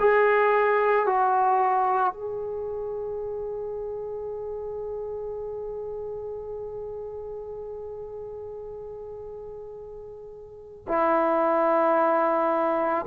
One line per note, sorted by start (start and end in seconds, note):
0.00 1.07 G#4
1.07 2.13 F#4
2.13 10.86 G#4
10.88 13.06 E4